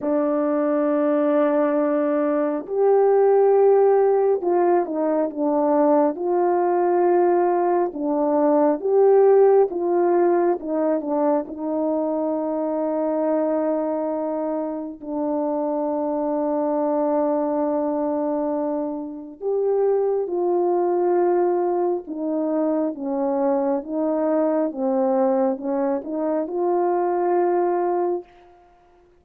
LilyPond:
\new Staff \with { instrumentName = "horn" } { \time 4/4 \tempo 4 = 68 d'2. g'4~ | g'4 f'8 dis'8 d'4 f'4~ | f'4 d'4 g'4 f'4 | dis'8 d'8 dis'2.~ |
dis'4 d'2.~ | d'2 g'4 f'4~ | f'4 dis'4 cis'4 dis'4 | c'4 cis'8 dis'8 f'2 | }